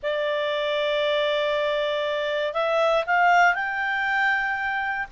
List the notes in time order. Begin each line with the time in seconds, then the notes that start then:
0.02 D5
2.53 E5
3.06 F5
3.54 G5